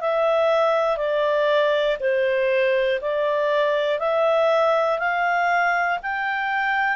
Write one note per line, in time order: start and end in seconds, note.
0.00 0.97 E5
0.97 1.97 D5
2.00 3.00 C5
3.01 3.99 D5
3.99 4.98 E5
4.98 5.98 F5
6.02 6.96 G5